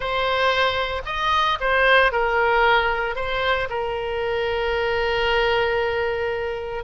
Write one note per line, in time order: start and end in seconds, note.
0.00 1.01 C5
1.05 1.58 D#5
1.60 2.12 C5
2.12 3.15 A#4
3.15 3.68 C5
3.69 6.84 A#4